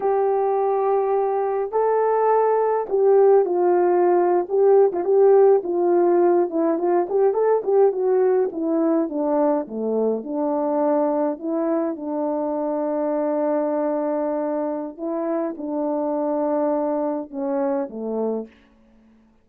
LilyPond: \new Staff \with { instrumentName = "horn" } { \time 4/4 \tempo 4 = 104 g'2. a'4~ | a'4 g'4 f'4.~ f'16 g'16~ | g'8 f'16 g'4 f'4. e'8 f'16~ | f'16 g'8 a'8 g'8 fis'4 e'4 d'16~ |
d'8. a4 d'2 e'16~ | e'8. d'2.~ d'16~ | d'2 e'4 d'4~ | d'2 cis'4 a4 | }